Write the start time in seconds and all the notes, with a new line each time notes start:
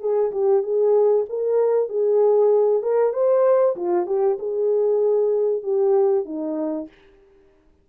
0.00 G#4
0.32 G4
0.62 G#4
1.29 A#4
1.89 G#4
2.82 A#4
3.13 C5
3.76 F4
4.06 G4
4.39 G#4
5.63 G4
6.25 D#4